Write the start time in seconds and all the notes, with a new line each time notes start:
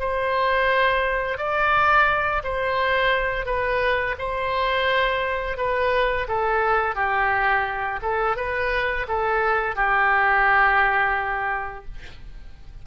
0.00 C5
1.38 D5
2.44 C5
3.46 B4
4.19 C5
5.58 B4
6.28 A4
6.96 G4
8.02 A4
8.37 B4
9.08 A4
9.76 G4